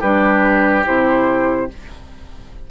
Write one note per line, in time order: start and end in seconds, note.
0.00 0.86 G3
0.00 0.85 D4
0.00 1.67 G4
0.00 0.85 B4
0.85 1.71 C3
0.85 1.68 E4
0.85 1.70 C5